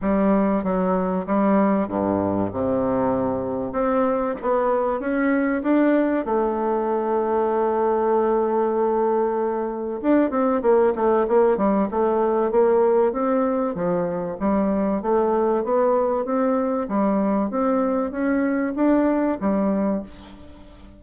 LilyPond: \new Staff \with { instrumentName = "bassoon" } { \time 4/4 \tempo 4 = 96 g4 fis4 g4 g,4 | c2 c'4 b4 | cis'4 d'4 a2~ | a1 |
d'8 c'8 ais8 a8 ais8 g8 a4 | ais4 c'4 f4 g4 | a4 b4 c'4 g4 | c'4 cis'4 d'4 g4 | }